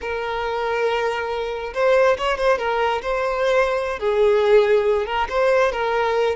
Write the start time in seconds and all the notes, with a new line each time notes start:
0.01 A#4
1.74 C5
2.17 C#5
2.37 C5
2.58 A#4
3.02 C5
3.99 G#4
5.06 A#4
5.29 C5
5.72 A#4